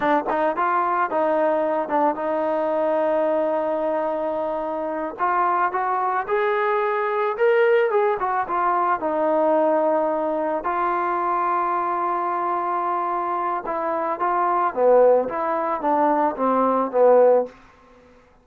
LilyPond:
\new Staff \with { instrumentName = "trombone" } { \time 4/4 \tempo 4 = 110 d'8 dis'8 f'4 dis'4. d'8 | dis'1~ | dis'4. f'4 fis'4 gis'8~ | gis'4. ais'4 gis'8 fis'8 f'8~ |
f'8 dis'2. f'8~ | f'1~ | f'4 e'4 f'4 b4 | e'4 d'4 c'4 b4 | }